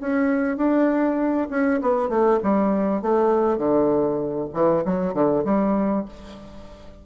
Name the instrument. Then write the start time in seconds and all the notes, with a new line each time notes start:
bassoon
0.00 C#4
0.57 D4
1.50 C#4
1.82 B3
2.09 A3
2.43 G3
3.02 A3
3.58 D3
4.53 E3
4.85 F#3
5.13 D3
5.45 G3